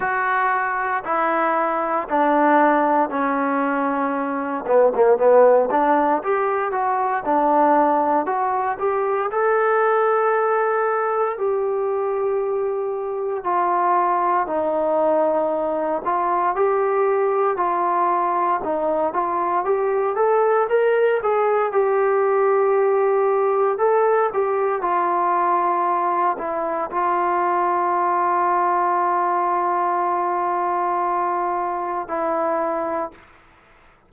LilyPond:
\new Staff \with { instrumentName = "trombone" } { \time 4/4 \tempo 4 = 58 fis'4 e'4 d'4 cis'4~ | cis'8 b16 ais16 b8 d'8 g'8 fis'8 d'4 | fis'8 g'8 a'2 g'4~ | g'4 f'4 dis'4. f'8 |
g'4 f'4 dis'8 f'8 g'8 a'8 | ais'8 gis'8 g'2 a'8 g'8 | f'4. e'8 f'2~ | f'2. e'4 | }